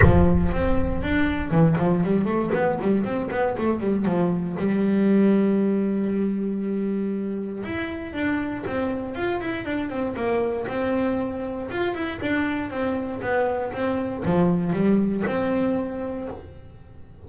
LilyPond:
\new Staff \with { instrumentName = "double bass" } { \time 4/4 \tempo 4 = 118 f4 c'4 d'4 e8 f8 | g8 a8 b8 g8 c'8 b8 a8 g8 | f4 g2.~ | g2. e'4 |
d'4 c'4 f'8 e'8 d'8 c'8 | ais4 c'2 f'8 e'8 | d'4 c'4 b4 c'4 | f4 g4 c'2 | }